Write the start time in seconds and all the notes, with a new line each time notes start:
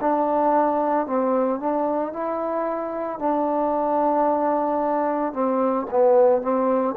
0.00 D4
1.06 C4
1.59 D4
2.13 E4
3.19 D4
5.33 C4
5.90 B3
6.41 C4